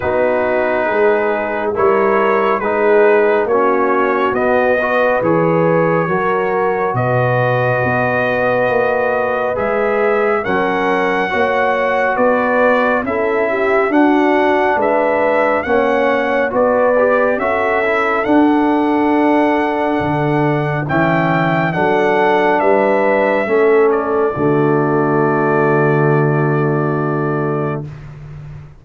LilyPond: <<
  \new Staff \with { instrumentName = "trumpet" } { \time 4/4 \tempo 4 = 69 b'2 cis''4 b'4 | cis''4 dis''4 cis''2 | dis''2. e''4 | fis''2 d''4 e''4 |
fis''4 e''4 fis''4 d''4 | e''4 fis''2. | g''4 fis''4 e''4. d''8~ | d''1 | }
  \new Staff \with { instrumentName = "horn" } { \time 4/4 fis'4 gis'4 ais'4 gis'4 | fis'4. b'4. ais'4 | b'1 | ais'4 cis''4 b'4 a'8 g'8 |
fis'4 b'4 cis''4 b'4 | a'1 | e''4 a'4 b'4 a'4 | fis'1 | }
  \new Staff \with { instrumentName = "trombone" } { \time 4/4 dis'2 e'4 dis'4 | cis'4 b8 fis'8 gis'4 fis'4~ | fis'2. gis'4 | cis'4 fis'2 e'4 |
d'2 cis'4 fis'8 g'8 | fis'8 e'8 d'2. | cis'4 d'2 cis'4 | a1 | }
  \new Staff \with { instrumentName = "tuba" } { \time 4/4 b4 gis4 g4 gis4 | ais4 b4 e4 fis4 | b,4 b4 ais4 gis4 | fis4 ais4 b4 cis'4 |
d'4 gis4 ais4 b4 | cis'4 d'2 d4 | e4 fis4 g4 a4 | d1 | }
>>